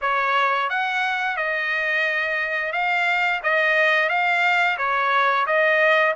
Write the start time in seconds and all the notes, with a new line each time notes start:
0.01 C#5
0.69 F#5
1.36 D#5
2.72 F5
3.43 D#5
4.09 F5
4.77 C#5
5.46 D#5